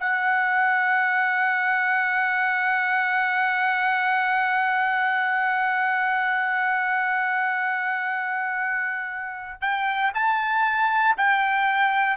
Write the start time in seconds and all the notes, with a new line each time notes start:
0.00 F#5
9.62 G5
10.15 A5
11.18 G5